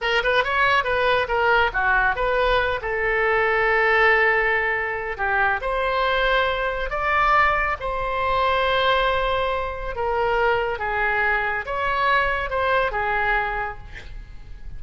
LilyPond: \new Staff \with { instrumentName = "oboe" } { \time 4/4 \tempo 4 = 139 ais'8 b'8 cis''4 b'4 ais'4 | fis'4 b'4. a'4.~ | a'1 | g'4 c''2. |
d''2 c''2~ | c''2. ais'4~ | ais'4 gis'2 cis''4~ | cis''4 c''4 gis'2 | }